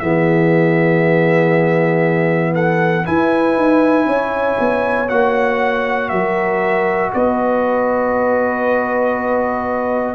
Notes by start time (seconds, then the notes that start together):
0.00 E3 B3 G#4 E5
2.54 A4 F#5
3.04 E4 B4 G#5
3.56 D#4
4.06 C#4 C#5
4.60 B3
5.09 A#3 F#4 F#5
6.09 F#3 A#4 E5
7.14 B3 B4 D#5